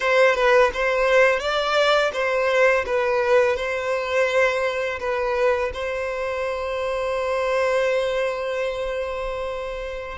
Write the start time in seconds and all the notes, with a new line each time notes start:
0.00 C5
0.35 B4
0.73 C5
1.39 D5
2.13 C5
2.86 B4
3.56 C5
4.99 B4
5.73 C5